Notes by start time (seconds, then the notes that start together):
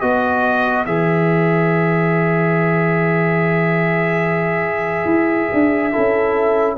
0.00 B3 F#4 B4 D#5
0.85 E3 G#4 E5
5.05 E4
5.53 D4
5.91 C#4 E4 A4